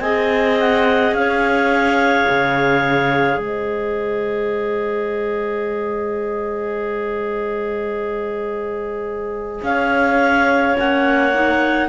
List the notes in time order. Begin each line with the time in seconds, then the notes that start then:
0.00 C4 G#4 D#5 G#5
0.60 F#5
1.12 C#4 F5
1.20 C#5
2.29 C#3
3.38 G#3 C5 D#5
9.63 C#4 C#5 F5
10.76 A#3 C#4 F#5
11.34 D#4